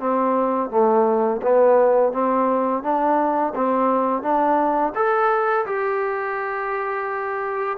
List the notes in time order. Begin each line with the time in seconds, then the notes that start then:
0.00 C4
0.71 A3
1.43 B3
2.13 C4
2.83 D4
3.56 C4
4.23 D4
4.95 A4
5.66 G4